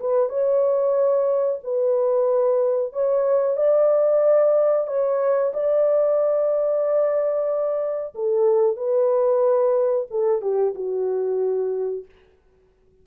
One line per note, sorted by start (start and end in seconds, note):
0.00 0.29 B4
0.29 1.59 C#5
1.64 2.93 B4
2.93 3.57 C#5
3.57 4.87 D5
4.87 5.53 C#5
5.53 8.14 D5
8.15 8.77 A4
8.77 10.07 B4
10.11 10.41 A4
10.41 10.74 G4
10.75 12.05 F#4